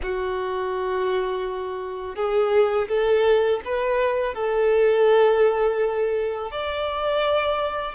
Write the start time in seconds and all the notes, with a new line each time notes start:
0.02 F#4
2.15 G#4
2.88 A4
3.64 B4
4.34 A4
6.51 D5